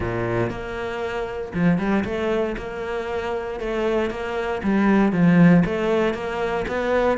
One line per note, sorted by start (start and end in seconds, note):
0.00 0.50 A#2
0.50 1.52 A#3
1.54 1.78 F3
1.78 2.04 G3
2.04 2.55 A3
2.57 3.60 A#3
3.60 4.10 A3
4.10 4.61 A#3
4.63 5.12 G3
5.12 5.63 F3
5.65 6.14 A3
6.14 6.65 A#3
6.67 7.17 B3